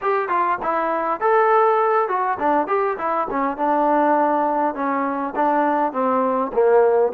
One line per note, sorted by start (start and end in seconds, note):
0.01 0.28 G4
0.28 0.58 F4
0.62 1.20 E4
1.20 2.08 A4
2.08 2.38 F#4
2.39 2.67 D4
2.67 2.97 G4
2.98 3.27 E4
3.30 3.57 C#4
3.57 4.74 D4
4.74 5.34 C#4
5.35 5.92 D4
5.92 6.51 C4
6.53 7.12 A#3